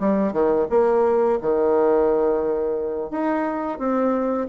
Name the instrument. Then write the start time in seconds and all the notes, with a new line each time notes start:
bassoon
0.00 G3
0.33 D#3
0.70 A#3
1.42 D#3
3.11 D#4
3.79 C4